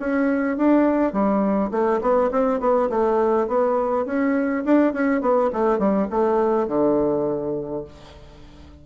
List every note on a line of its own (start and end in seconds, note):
0.00 0.57 C#4
0.57 1.13 D4
1.13 1.71 G3
1.72 2.01 A3
2.02 2.31 B3
2.31 2.60 C4
2.60 2.89 B3
2.90 3.48 A3
3.48 4.06 B3
4.06 4.64 C#4
4.65 4.94 D4
4.94 5.21 C#4
5.21 5.50 B3
5.53 5.79 A3
5.79 6.08 G3
6.11 6.68 A3
6.68 7.85 D3